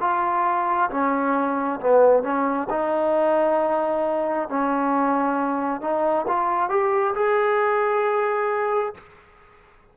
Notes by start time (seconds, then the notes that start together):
0.00 F4
0.90 C#4
1.80 B3
2.23 C#4
2.70 D#4
4.49 C#4
5.81 D#4
6.28 F4
6.69 G4
7.15 G#4